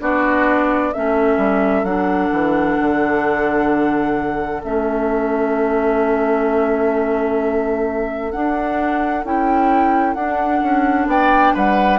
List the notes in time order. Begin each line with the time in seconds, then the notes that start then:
0.00 B3 D4 F#4 D5
0.93 A3 C#4 A4 E5
1.37 G3
1.83 F#3 D4 F#5
2.32 E3
2.79 D3
4.63 A3 C#4 E5
8.32 D4 F#5
9.24 C#4 E4 G5
10.14 D4 F#5
10.62 C#4
11.06 B3 D5 G5
11.54 G3 B4 F#5